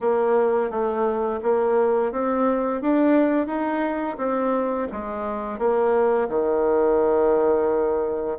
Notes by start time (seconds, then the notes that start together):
0.00 A#3
0.70 A3
1.42 A#3
2.12 C4
2.81 D4
3.47 D#4
4.17 C4
4.92 G#3
5.58 A#3
6.28 D#3